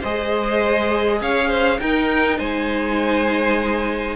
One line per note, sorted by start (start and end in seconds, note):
0.00 1.21 G#3
0.00 1.80 G#4
0.00 1.19 C5
0.00 1.21 D#5
1.21 1.80 C#4
1.21 1.48 C#5
1.21 1.79 F5
1.48 1.78 C5
1.79 4.16 D#4
1.79 2.39 D#4
1.79 2.38 A#4
1.79 2.38 G5
2.38 4.16 G#3
2.38 4.16 C5
2.38 4.16 G#5